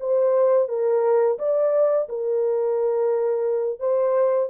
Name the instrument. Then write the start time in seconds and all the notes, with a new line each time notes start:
horn
0.00 C5
0.68 A#4
1.38 D5
2.09 A#4
3.80 C5